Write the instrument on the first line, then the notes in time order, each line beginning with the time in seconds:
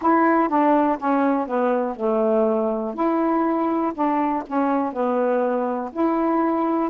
saxophone
0.01 E4
0.48 D4
0.98 C#4
1.47 B3
1.95 A3
2.94 E4
3.93 D4
4.46 C#4
4.92 B3
5.92 E4